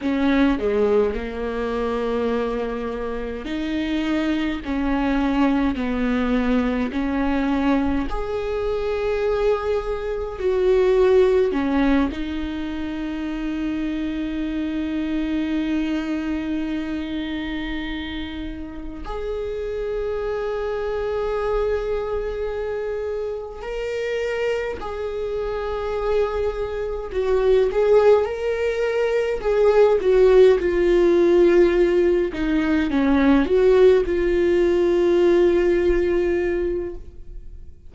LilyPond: \new Staff \with { instrumentName = "viola" } { \time 4/4 \tempo 4 = 52 cis'8 gis8 ais2 dis'4 | cis'4 b4 cis'4 gis'4~ | gis'4 fis'4 cis'8 dis'4.~ | dis'1~ |
dis'8 gis'2.~ gis'8~ | gis'8 ais'4 gis'2 fis'8 | gis'8 ais'4 gis'8 fis'8 f'4. | dis'8 cis'8 fis'8 f'2~ f'8 | }